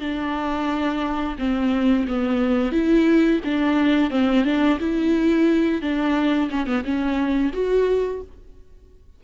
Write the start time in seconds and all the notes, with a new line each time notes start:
0.00 D4
1.38 C4
2.08 B3
2.72 E4
3.44 D4
4.10 C4
4.44 D4
4.80 E4
5.81 D4
6.50 C#4
6.66 B3
6.84 C#4
7.53 F#4